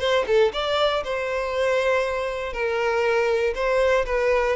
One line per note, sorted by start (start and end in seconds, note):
0.00 0.25 C5
0.27 0.52 A4
0.53 1.03 D5
1.04 2.53 C5
2.53 3.54 A#4
3.55 4.05 C5
4.06 4.56 B4